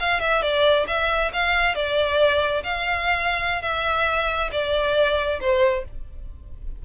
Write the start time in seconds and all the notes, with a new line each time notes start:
0.00 F5
0.20 E5
0.42 D5
0.87 E5
1.33 F5
1.75 D5
2.64 F5
3.62 E5
4.52 D5
5.40 C5